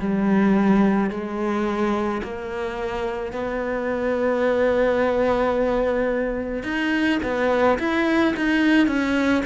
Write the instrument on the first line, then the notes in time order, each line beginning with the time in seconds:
cello
0.00 G3
1.11 G#3
2.23 A#3
3.33 B3
6.64 D#4
7.23 B3
7.79 E4
8.36 D#4
8.87 C#4